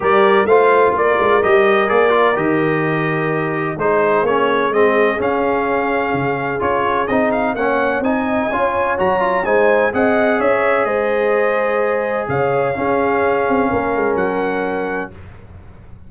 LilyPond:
<<
  \new Staff \with { instrumentName = "trumpet" } { \time 4/4 \tempo 4 = 127 d''4 f''4 d''4 dis''4 | d''4 dis''2. | c''4 cis''4 dis''4 f''4~ | f''2 cis''4 dis''8 f''8 |
fis''4 gis''2 ais''4 | gis''4 fis''4 e''4 dis''4~ | dis''2 f''2~ | f''2 fis''2 | }
  \new Staff \with { instrumentName = "horn" } { \time 4/4 ais'4 c''4 ais'2~ | ais'1 | gis'1~ | gis'1 |
cis''4 dis''4 cis''2 | c''4 dis''4 cis''4 c''4~ | c''2 cis''4 gis'4~ | gis'4 ais'2. | }
  \new Staff \with { instrumentName = "trombone" } { \time 4/4 g'4 f'2 g'4 | gis'8 f'8 g'2. | dis'4 cis'4 c'4 cis'4~ | cis'2 f'4 dis'4 |
cis'4 dis'4 f'4 fis'8 f'8 | dis'4 gis'2.~ | gis'2. cis'4~ | cis'1 | }
  \new Staff \with { instrumentName = "tuba" } { \time 4/4 g4 a4 ais8 gis8 g4 | ais4 dis2. | gis4 ais4 gis4 cis'4~ | cis'4 cis4 cis'4 c'4 |
ais4 c'4 cis'4 fis4 | gis4 c'4 cis'4 gis4~ | gis2 cis4 cis'4~ | cis'8 c'8 ais8 gis8 fis2 | }
>>